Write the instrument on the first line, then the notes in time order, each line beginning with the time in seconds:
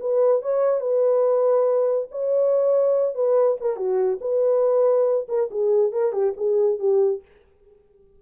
horn
0.00 B4
0.42 C#5
0.80 B4
2.11 C#5
3.15 B4
3.60 A#4
3.76 F#4
4.21 B4
5.28 A#4
5.51 G#4
5.92 A#4
6.12 G4
6.37 G#4
6.79 G4